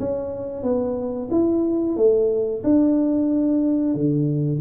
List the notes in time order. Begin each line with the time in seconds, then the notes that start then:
0.00 C#4
0.63 B3
1.31 E4
1.97 A3
2.64 D4
3.95 D3